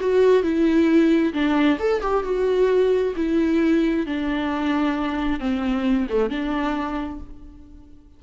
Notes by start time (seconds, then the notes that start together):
0.00 F#4
0.42 E4
1.33 D4
1.79 A4
2.01 G4
2.23 F#4
3.16 E4
4.06 D4
5.39 C4
6.09 A3
6.29 D4